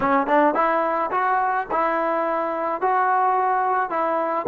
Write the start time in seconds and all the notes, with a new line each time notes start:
0.00 C#4
0.27 D4
0.54 E4
1.11 F#4
1.71 E4
2.81 F#4
3.89 E4